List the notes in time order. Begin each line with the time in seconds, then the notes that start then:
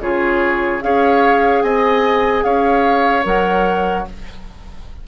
0.00 C#3 F4 G#4 C#5
0.81 C#4 G#4 C#5 F5
1.62 C4 D#5 G#5
2.43 C#4 C#5 F5
3.23 F#3 A#4 F#5